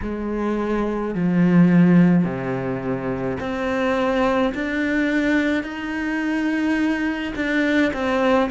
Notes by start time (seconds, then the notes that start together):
0.02 G#3
1.14 F3
2.24 C3
3.40 C4
4.54 D4
5.63 D#4
7.35 D4
7.92 C4